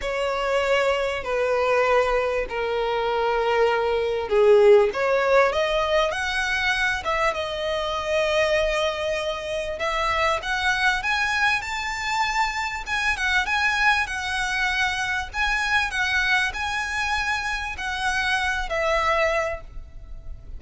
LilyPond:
\new Staff \with { instrumentName = "violin" } { \time 4/4 \tempo 4 = 98 cis''2 b'2 | ais'2. gis'4 | cis''4 dis''4 fis''4. e''8 | dis''1 |
e''4 fis''4 gis''4 a''4~ | a''4 gis''8 fis''8 gis''4 fis''4~ | fis''4 gis''4 fis''4 gis''4~ | gis''4 fis''4. e''4. | }